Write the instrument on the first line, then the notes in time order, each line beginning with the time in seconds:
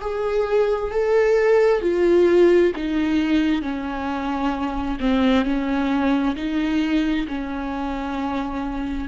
viola
0.00 G#4
0.90 A4
1.81 F4
2.75 D#4
3.61 C#4
5.00 C4
5.44 C#4
6.36 D#4
7.28 C#4